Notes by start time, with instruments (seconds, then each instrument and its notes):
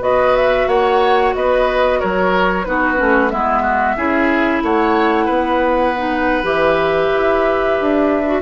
0.00 bassoon B3, clarinet F#4, oboe B4, flute D#5
0.36 flute E5
0.67 bassoon A#3, oboe C#5, flute F#5
1.34 bassoon B3, oboe B4, flute D#5
1.99 bassoon F#3, oboe A#4, flute C#5
2.64 bassoon B3, clarinet D#4, oboe F#4, flute B4
2.96 bassoon A3, clarinet C#4
3.30 bassoon G#3, clarinet B3, oboe E4, flute E5
3.62 oboe F#4
3.96 bassoon C#4, clarinet E4, oboe G#4
4.62 bassoon A3, oboe C#5, flute F#5
5.25 bassoon B3, oboe B4
5.97 clarinet D#4
6.42 bassoon E3, clarinet G4, flute E5
7.14 bassoon E4
7.80 bassoon D4
8.26 clarinet F#4